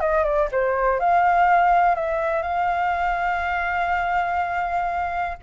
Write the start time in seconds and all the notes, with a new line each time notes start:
0.00 D#5
0.24 D5
0.51 C5
0.99 F5
1.95 E5
2.43 F5